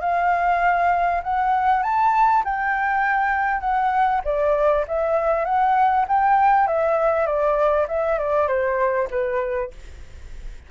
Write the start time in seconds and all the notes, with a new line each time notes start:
0.00 F5
1.23 F#5
1.83 A5
2.44 G5
3.61 F#5
4.24 D5
4.88 E5
5.45 F#5
6.08 G5
6.67 E5
7.26 D5
7.88 E5
8.18 D5
8.47 C5
9.10 B4